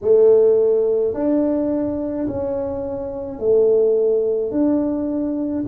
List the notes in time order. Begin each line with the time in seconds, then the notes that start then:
0.01 A3
1.14 D4
2.27 C#4
3.39 A3
4.51 D4